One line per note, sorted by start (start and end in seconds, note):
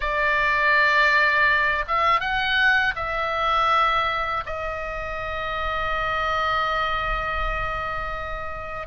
0.00 1.85 D5
1.87 2.20 E5
2.20 2.94 F#5
2.95 4.43 E5
4.46 8.87 D#5